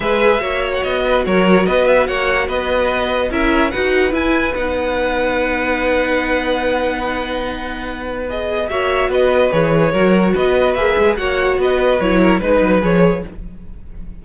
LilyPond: <<
  \new Staff \with { instrumentName = "violin" } { \time 4/4 \tempo 4 = 145 e''4.~ e''16 fis''16 dis''4 cis''4 | dis''8 e''8 fis''4 dis''2 | e''4 fis''4 gis''4 fis''4~ | fis''1~ |
fis''1 | dis''4 e''4 dis''4 cis''4~ | cis''4 dis''4 e''4 fis''4 | dis''4 cis''4 b'4 cis''4 | }
  \new Staff \with { instrumentName = "violin" } { \time 4/4 b'4 cis''4. b'8 ais'4 | b'4 cis''4 b'2 | ais'4 b'2.~ | b'1~ |
b'1~ | b'4 cis''4 b'2 | ais'4 b'2 cis''4 | b'4. ais'8 b'2 | }
  \new Staff \with { instrumentName = "viola" } { \time 4/4 gis'4 fis'2.~ | fis'1 | e'4 fis'4 e'4 dis'4~ | dis'1~ |
dis'1 | gis'4 fis'2 gis'4 | fis'2 gis'4 fis'4~ | fis'4 e'4 dis'4 gis'4 | }
  \new Staff \with { instrumentName = "cello" } { \time 4/4 gis4 ais4 b4 fis4 | b4 ais4 b2 | cis'4 dis'4 e'4 b4~ | b1~ |
b1~ | b4 ais4 b4 e4 | fis4 b4 ais8 gis8 ais4 | b4 fis4 gis8 fis8 f4 | }
>>